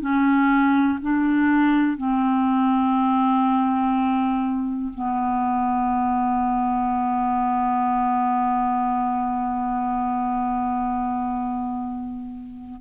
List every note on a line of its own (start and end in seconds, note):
0.00 0.98 C#4
1.01 1.97 D4
1.97 4.92 C4
4.94 12.80 B3